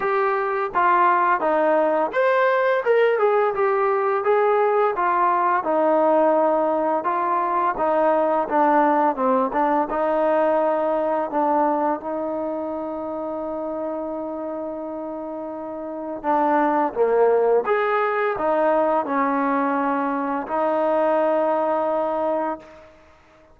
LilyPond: \new Staff \with { instrumentName = "trombone" } { \time 4/4 \tempo 4 = 85 g'4 f'4 dis'4 c''4 | ais'8 gis'8 g'4 gis'4 f'4 | dis'2 f'4 dis'4 | d'4 c'8 d'8 dis'2 |
d'4 dis'2.~ | dis'2. d'4 | ais4 gis'4 dis'4 cis'4~ | cis'4 dis'2. | }